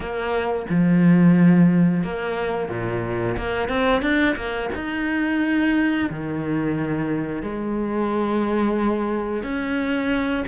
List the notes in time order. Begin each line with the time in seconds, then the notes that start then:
0.00 A#3
0.69 F3
2.03 A#3
2.69 A#2
3.37 A#3
3.68 C4
4.01 D4
4.36 A#3
4.74 D#4
6.09 D#3
7.42 G#3
9.43 C#4